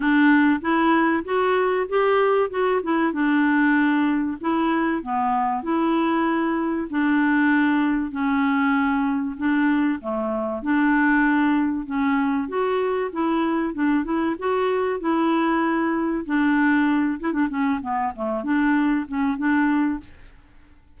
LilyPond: \new Staff \with { instrumentName = "clarinet" } { \time 4/4 \tempo 4 = 96 d'4 e'4 fis'4 g'4 | fis'8 e'8 d'2 e'4 | b4 e'2 d'4~ | d'4 cis'2 d'4 |
a4 d'2 cis'4 | fis'4 e'4 d'8 e'8 fis'4 | e'2 d'4. e'16 d'16 | cis'8 b8 a8 d'4 cis'8 d'4 | }